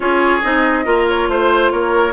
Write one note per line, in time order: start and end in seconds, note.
0.00 0.41 C#4
0.00 0.41 F4
0.00 0.85 G#4
0.00 0.42 C#5
0.42 0.86 C4
0.42 0.84 D#4
0.42 1.06 D#5
0.84 1.28 A#3
0.84 2.12 F4
0.84 1.28 A#4
1.08 1.29 C#5
1.28 1.71 A3
1.28 1.71 C5
1.28 1.72 C5
1.71 2.12 A#3
1.71 2.12 A#4
1.71 2.12 C#5